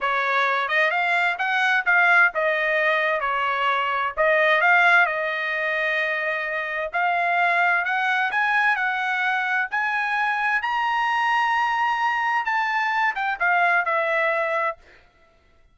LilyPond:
\new Staff \with { instrumentName = "trumpet" } { \time 4/4 \tempo 4 = 130 cis''4. dis''8 f''4 fis''4 | f''4 dis''2 cis''4~ | cis''4 dis''4 f''4 dis''4~ | dis''2. f''4~ |
f''4 fis''4 gis''4 fis''4~ | fis''4 gis''2 ais''4~ | ais''2. a''4~ | a''8 g''8 f''4 e''2 | }